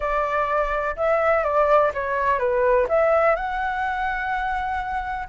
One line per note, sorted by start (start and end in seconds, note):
0.00 0.96 D5
0.96 1.43 E5
1.43 1.91 D5
1.94 2.38 C#5
2.38 2.86 B4
2.88 3.35 E5
3.35 5.27 F#5